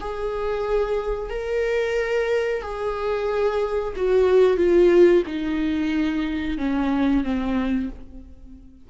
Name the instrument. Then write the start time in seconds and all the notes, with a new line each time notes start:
viola
0.00 G#4
1.30 A#4
2.62 G#4
3.96 F#4
4.57 F4
5.27 D#4
6.58 C#4
7.23 C4